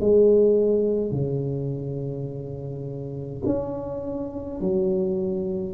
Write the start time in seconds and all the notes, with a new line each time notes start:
0.00 G#3
1.12 C#3
3.46 C#4
4.60 F#3